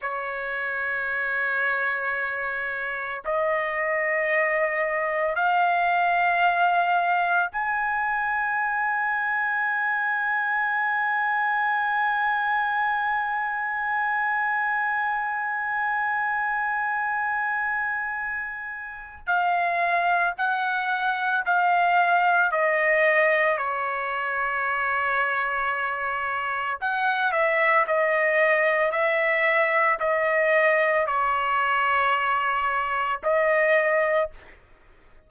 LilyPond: \new Staff \with { instrumentName = "trumpet" } { \time 4/4 \tempo 4 = 56 cis''2. dis''4~ | dis''4 f''2 gis''4~ | gis''1~ | gis''1~ |
gis''2 f''4 fis''4 | f''4 dis''4 cis''2~ | cis''4 fis''8 e''8 dis''4 e''4 | dis''4 cis''2 dis''4 | }